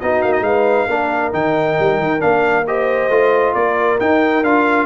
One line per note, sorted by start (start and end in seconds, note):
0.00 0.24 B3
0.00 0.89 D#4
0.00 0.45 F#4
0.00 0.22 D#5
0.22 0.41 A#3
0.22 0.32 F5
0.32 0.44 D#5
0.41 0.85 G#3
0.41 0.87 B4
0.41 1.32 F5
0.87 1.33 A#3
0.87 1.33 D4
0.87 2.64 A#4
1.33 1.78 D#3
1.33 2.20 D#4
1.33 2.21 G5
1.80 1.99 G3
1.99 2.21 D#3
2.20 3.09 A#3
2.20 2.64 D4
2.20 2.66 F5
2.67 3.11 G4
2.67 3.55 C5
2.67 3.54 D#5
3.09 3.54 A3
3.09 4.00 F4
3.54 3.99 A#3
3.54 4.86 A#4
3.54 3.99 D5
4.00 4.44 D#4
4.00 4.43 D#4
4.00 4.44 G5
4.43 4.86 D4
4.43 4.86 F4
4.43 4.86 F5